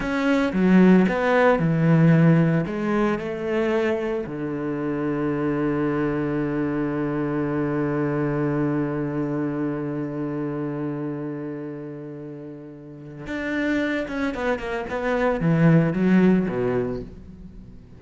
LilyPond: \new Staff \with { instrumentName = "cello" } { \time 4/4 \tempo 4 = 113 cis'4 fis4 b4 e4~ | e4 gis4 a2 | d1~ | d1~ |
d1~ | d1~ | d4 d'4. cis'8 b8 ais8 | b4 e4 fis4 b,4 | }